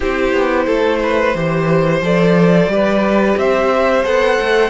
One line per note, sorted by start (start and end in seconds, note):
0.00 0.33 C4
0.00 1.34 E4
0.00 0.65 G4
0.00 2.03 C5
0.33 0.66 B3
0.65 1.34 A3
0.65 0.99 A4
1.03 1.36 B4
1.34 2.01 E3
1.34 2.02 G4
1.34 2.71 C5
2.01 2.67 F3
2.01 2.69 A4
2.01 3.38 D5
2.67 3.34 G3
2.67 4.04 G4
2.67 3.39 B4
3.37 4.04 C4
3.37 4.69 C5
3.37 4.05 E5
4.04 4.38 B3
4.04 4.69 A4
4.04 4.69 F#5
4.40 4.69 A3